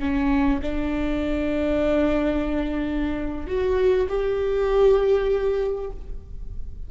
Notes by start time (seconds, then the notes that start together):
0.00 C#4
0.62 D4
3.47 F#4
4.09 G4